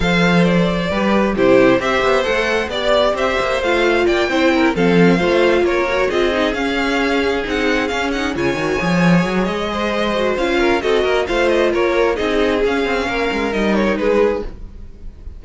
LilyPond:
<<
  \new Staff \with { instrumentName = "violin" } { \time 4/4 \tempo 4 = 133 f''4 d''2 c''4 | e''4 fis''4 d''4 e''4 | f''4 g''4. f''4.~ | f''8 cis''4 dis''4 f''4.~ |
f''8 fis''4 f''8 fis''8 gis''4.~ | gis''4 dis''2 f''4 | dis''4 f''8 dis''8 cis''4 dis''4 | f''2 dis''8 cis''8 b'4 | }
  \new Staff \with { instrumentName = "violin" } { \time 4/4 c''2 b'4 g'4 | c''2 d''4 c''4~ | c''4 d''8 c''8 ais'8 a'4 c''8~ | c''8 ais'4 gis'2~ gis'8~ |
gis'2~ gis'8 cis''4.~ | cis''4. c''2 ais'8 | a'8 ais'8 c''4 ais'4 gis'4~ | gis'4 ais'2 gis'4 | }
  \new Staff \with { instrumentName = "viola" } { \time 4/4 a'2 g'4 e'4 | g'4 a'4 g'2 | f'4. e'4 c'4 f'8~ | f'4 fis'8 f'8 dis'8 cis'4.~ |
cis'8 dis'4 cis'8 dis'8 f'8 fis'8 gis'8~ | gis'2~ gis'8 fis'8 f'4 | fis'4 f'2 dis'4 | cis'2 dis'2 | }
  \new Staff \with { instrumentName = "cello" } { \time 4/4 f2 g4 c4 | c'8 b8 a4 b4 c'8 ais8 | a4 ais8 c'4 f4 a8~ | a8 ais4 c'4 cis'4.~ |
cis'8 c'4 cis'4 cis8 dis8 f8~ | f8 fis8 gis2 cis'4 | c'8 ais8 a4 ais4 c'4 | cis'8 c'8 ais8 gis8 g4 gis4 | }
>>